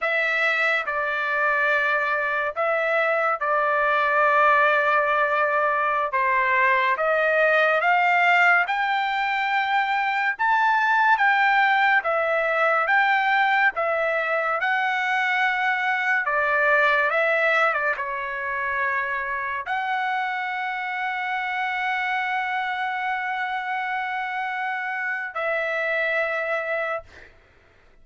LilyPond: \new Staff \with { instrumentName = "trumpet" } { \time 4/4 \tempo 4 = 71 e''4 d''2 e''4 | d''2.~ d''16 c''8.~ | c''16 dis''4 f''4 g''4.~ g''16~ | g''16 a''4 g''4 e''4 g''8.~ |
g''16 e''4 fis''2 d''8.~ | d''16 e''8. d''16 cis''2 fis''8.~ | fis''1~ | fis''2 e''2 | }